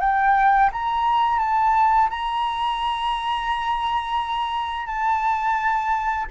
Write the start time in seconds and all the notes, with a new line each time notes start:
0.00 G5
0.72 A#5
1.39 A5
2.10 A#5
4.86 A5